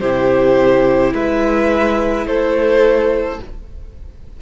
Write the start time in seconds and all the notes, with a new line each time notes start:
0.00 C3 E4 G4 C5
1.13 G#3 B4 E5
2.26 A3 A4 C5